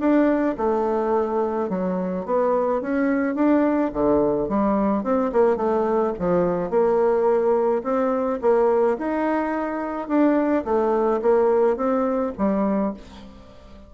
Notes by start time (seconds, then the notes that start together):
0.00 D4
0.58 A3
1.69 F#3
2.26 B3
2.81 C#4
3.35 D4
3.93 D3
4.49 G3
5.03 C4
5.32 A#3
5.57 A3
6.19 F3
6.71 A#3
7.84 C4
8.42 A#3
8.98 D#4
10.08 D4
10.65 A3
11.22 A#3
11.77 C4
12.38 G3